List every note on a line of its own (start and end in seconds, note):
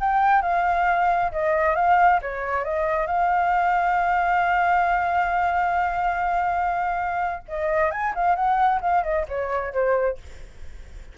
0.00 0.41 G5
0.41 1.31 F5
1.31 1.75 D#5
1.75 2.20 F5
2.21 2.64 C#5
2.64 3.06 D#5
3.06 7.43 F5
7.48 7.91 D#5
7.91 8.13 G#5
8.15 8.35 F5
8.35 8.80 F#5
8.80 9.03 F5
9.03 9.25 D#5
9.28 9.72 C#5
9.72 10.17 C5